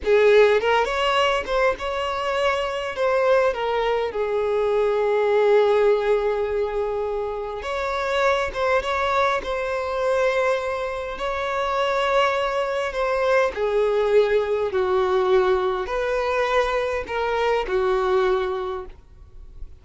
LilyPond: \new Staff \with { instrumentName = "violin" } { \time 4/4 \tempo 4 = 102 gis'4 ais'8 cis''4 c''8 cis''4~ | cis''4 c''4 ais'4 gis'4~ | gis'1~ | gis'4 cis''4. c''8 cis''4 |
c''2. cis''4~ | cis''2 c''4 gis'4~ | gis'4 fis'2 b'4~ | b'4 ais'4 fis'2 | }